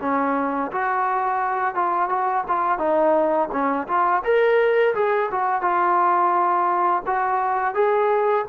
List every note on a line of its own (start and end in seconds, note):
0.00 0.71 C#4
0.71 1.75 F#4
1.75 2.09 F4
2.09 2.44 F#4
2.48 2.78 F4
2.78 3.48 D#4
3.52 3.87 C#4
3.87 4.23 F4
4.24 4.94 A#4
4.94 5.30 G#4
5.31 5.61 F#4
5.61 7.02 F4
7.06 7.74 F#4
7.74 8.45 G#4